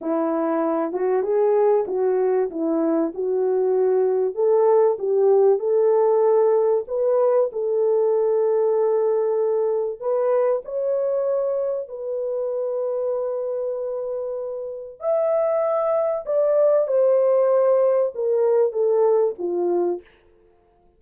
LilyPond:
\new Staff \with { instrumentName = "horn" } { \time 4/4 \tempo 4 = 96 e'4. fis'8 gis'4 fis'4 | e'4 fis'2 a'4 | g'4 a'2 b'4 | a'1 |
b'4 cis''2 b'4~ | b'1 | e''2 d''4 c''4~ | c''4 ais'4 a'4 f'4 | }